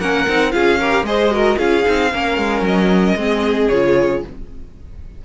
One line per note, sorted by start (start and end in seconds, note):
0.00 0.27 A#3
0.00 0.28 C#4
0.00 0.53 A#4
0.00 0.52 F#5
0.28 0.55 C4
0.28 0.52 D#4
0.52 1.03 C#4
0.52 0.78 F4
0.52 0.80 G#4
0.52 1.05 F5
0.80 1.06 G4
0.80 1.06 A#4
1.03 1.56 G#3
1.03 1.31 G#4
1.03 1.34 C5
1.03 1.58 D#5
1.31 1.58 F#4
1.31 1.58 A#4
1.58 1.85 C#4
1.58 1.84 F4
1.58 2.12 G#4
1.58 2.64 F5
1.84 2.14 C4
1.84 2.11 D#4
2.13 2.38 A#3
2.13 3.18 C#4
2.13 3.19 A#4
2.38 2.61 G#3
2.61 3.14 F#3
2.61 3.69 D#5
3.16 3.69 G#3
3.16 3.71 C4
3.16 4.25 G#4
3.69 4.23 C#3
3.69 4.25 F4
3.69 4.22 C#5